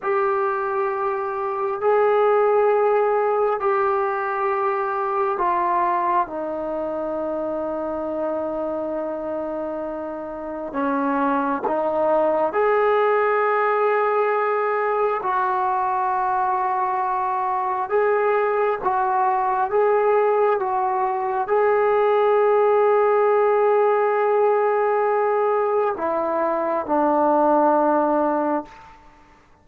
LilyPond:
\new Staff \with { instrumentName = "trombone" } { \time 4/4 \tempo 4 = 67 g'2 gis'2 | g'2 f'4 dis'4~ | dis'1 | cis'4 dis'4 gis'2~ |
gis'4 fis'2. | gis'4 fis'4 gis'4 fis'4 | gis'1~ | gis'4 e'4 d'2 | }